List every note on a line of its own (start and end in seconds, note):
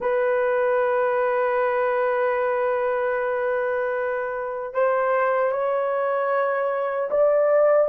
0.00 4.73 B4
4.73 5.51 C5
5.51 7.09 C#5
7.10 7.88 D5